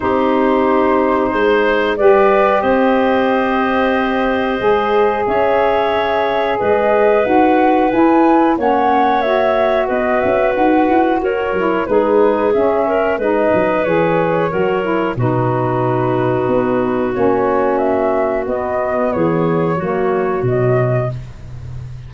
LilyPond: <<
  \new Staff \with { instrumentName = "flute" } { \time 4/4 \tempo 4 = 91 c''2. d''4 | dis''1 | e''2 dis''4 fis''4 | gis''4 fis''4 e''4 dis''8 e''8 |
fis''4 cis''4 b'4 e''4 | dis''4 cis''2 b'4~ | b'2 cis''4 e''4 | dis''4 cis''2 dis''4 | }
  \new Staff \with { instrumentName = "clarinet" } { \time 4/4 g'2 c''4 b'4 | c''1 | cis''2 b'2~ | b'4 cis''2 b'4~ |
b'4 ais'4 gis'4. ais'8 | b'2 ais'4 fis'4~ | fis'1~ | fis'4 gis'4 fis'2 | }
  \new Staff \with { instrumentName = "saxophone" } { \time 4/4 dis'2. g'4~ | g'2. gis'4~ | gis'2. fis'4 | e'4 cis'4 fis'2~ |
fis'4. e'8 dis'4 cis'4 | dis'4 gis'4 fis'8 e'8 dis'4~ | dis'2 cis'2 | b2 ais4 fis4 | }
  \new Staff \with { instrumentName = "tuba" } { \time 4/4 c'2 gis4 g4 | c'2. gis4 | cis'2 gis4 dis'4 | e'4 ais2 b8 cis'8 |
dis'8 e'8 fis'8 fis8 gis4 cis'4 | gis8 fis8 e4 fis4 b,4~ | b,4 b4 ais2 | b4 e4 fis4 b,4 | }
>>